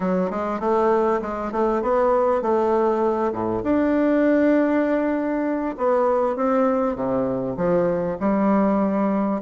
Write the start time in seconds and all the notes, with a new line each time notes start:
0.00 F#3
0.30 G#3
0.60 A3
1.21 G#3
1.52 A3
1.82 B3
2.41 A3
3.32 A2
3.63 D4
5.77 B3
6.36 C4
6.95 C3
7.56 F3
8.20 G3